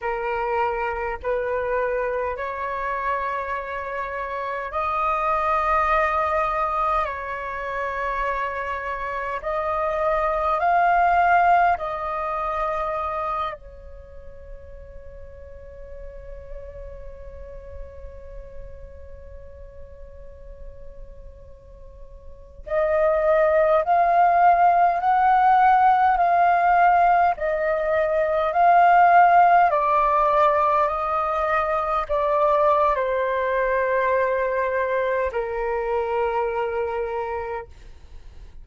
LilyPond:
\new Staff \with { instrumentName = "flute" } { \time 4/4 \tempo 4 = 51 ais'4 b'4 cis''2 | dis''2 cis''2 | dis''4 f''4 dis''4. cis''8~ | cis''1~ |
cis''2.~ cis''16 dis''8.~ | dis''16 f''4 fis''4 f''4 dis''8.~ | dis''16 f''4 d''4 dis''4 d''8. | c''2 ais'2 | }